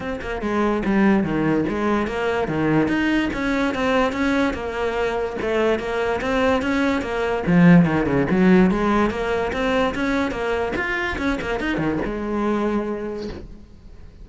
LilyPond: \new Staff \with { instrumentName = "cello" } { \time 4/4 \tempo 4 = 145 c'8 ais8 gis4 g4 dis4 | gis4 ais4 dis4 dis'4 | cis'4 c'4 cis'4 ais4~ | ais4 a4 ais4 c'4 |
cis'4 ais4 f4 dis8 cis8 | fis4 gis4 ais4 c'4 | cis'4 ais4 f'4 cis'8 ais8 | dis'8 dis8 gis2. | }